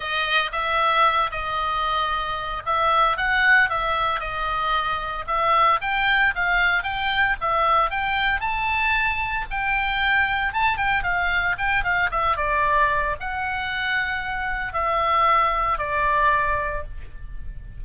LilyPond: \new Staff \with { instrumentName = "oboe" } { \time 4/4 \tempo 4 = 114 dis''4 e''4. dis''4.~ | dis''4 e''4 fis''4 e''4 | dis''2 e''4 g''4 | f''4 g''4 e''4 g''4 |
a''2 g''2 | a''8 g''8 f''4 g''8 f''8 e''8 d''8~ | d''4 fis''2. | e''2 d''2 | }